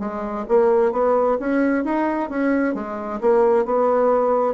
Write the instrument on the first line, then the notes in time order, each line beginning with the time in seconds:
bassoon
0.00 G#3
0.48 A#3
0.93 B3
1.40 C#4
1.84 D#4
2.30 C#4
2.75 G#3
3.21 A#3
3.66 B3